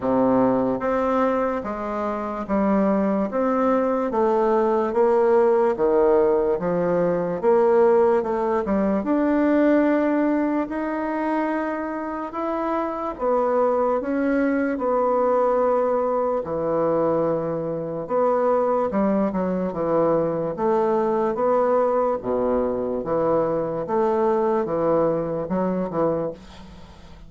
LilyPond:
\new Staff \with { instrumentName = "bassoon" } { \time 4/4 \tempo 4 = 73 c4 c'4 gis4 g4 | c'4 a4 ais4 dis4 | f4 ais4 a8 g8 d'4~ | d'4 dis'2 e'4 |
b4 cis'4 b2 | e2 b4 g8 fis8 | e4 a4 b4 b,4 | e4 a4 e4 fis8 e8 | }